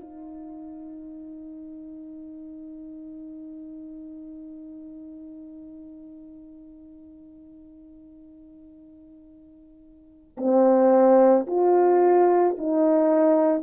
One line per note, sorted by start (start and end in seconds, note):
0.00 10.36 D#4
10.37 11.46 C4
11.46 12.56 F4
12.58 13.63 D#4